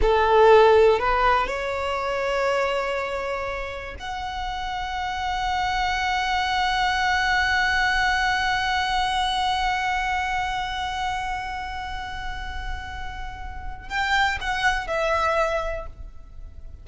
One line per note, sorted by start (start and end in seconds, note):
0.01 0.99 A4
0.99 1.47 B4
1.47 3.95 C#5
3.99 13.88 F#5
13.88 14.38 G5
14.40 14.87 F#5
14.87 15.86 E5